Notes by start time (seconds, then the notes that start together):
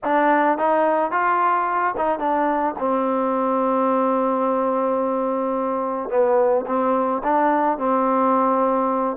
0.04 D4
0.57 D#4
1.11 F4
1.97 D#4
2.19 D4
2.79 C4
6.09 B3
6.66 C4
7.23 D4
7.78 C4